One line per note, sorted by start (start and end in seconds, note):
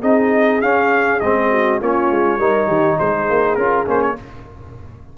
0.00 0.62 C4
0.00 0.62 D#4
0.00 1.49 G#4
0.00 0.62 D#5
0.62 1.21 C#4
0.62 1.22 C#4
0.62 1.21 F5
1.21 1.81 G#3
1.21 1.82 C4
1.21 1.80 D#5
1.51 1.81 F#4
1.81 2.11 A#3
1.81 2.40 C#4
1.81 2.39 F4
1.81 2.99 C#5
2.11 2.39 G#3
2.39 2.68 G3
2.39 3.59 D#4
2.39 2.68 A#4
2.68 2.98 D#3
2.68 2.97 G4
2.99 3.30 G#3
2.99 4.18 G#4
2.99 3.56 C5
3.30 3.57 A#3
3.56 3.87 C#4
3.56 3.86 F4
3.56 3.85 A#4
3.86 4.18 A#3
3.86 4.16 C#4
3.86 4.02 C5
4.02 4.17 C#5